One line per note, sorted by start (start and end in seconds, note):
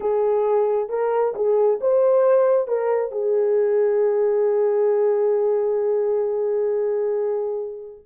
0.00 0.89 G#4
0.89 1.34 A#4
1.35 1.79 G#4
1.81 2.67 C5
2.67 3.11 A#4
3.11 8.04 G#4